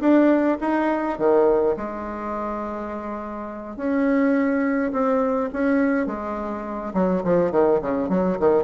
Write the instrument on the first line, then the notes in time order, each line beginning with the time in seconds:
bassoon
0.00 D4
0.61 D#4
1.18 D#3
1.77 G#3
3.76 C#4
4.92 C4
5.53 C#4
6.07 G#3
6.94 F#3
7.24 F3
7.51 D#3
7.81 C#3
8.09 F#3
8.39 D#3